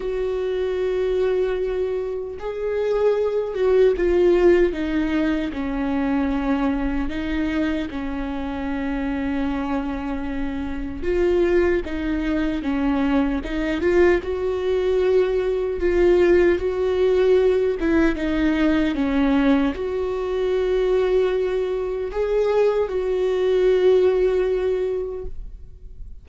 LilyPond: \new Staff \with { instrumentName = "viola" } { \time 4/4 \tempo 4 = 76 fis'2. gis'4~ | gis'8 fis'8 f'4 dis'4 cis'4~ | cis'4 dis'4 cis'2~ | cis'2 f'4 dis'4 |
cis'4 dis'8 f'8 fis'2 | f'4 fis'4. e'8 dis'4 | cis'4 fis'2. | gis'4 fis'2. | }